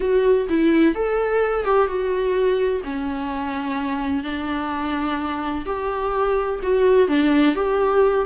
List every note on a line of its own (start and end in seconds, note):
0.00 0.47 F#4
0.49 0.94 E4
0.94 1.64 A4
1.64 1.87 G4
1.87 2.81 F#4
2.83 4.23 C#4
4.23 5.65 D4
5.65 6.60 G4
6.62 7.07 F#4
7.07 7.55 D4
7.55 8.25 G4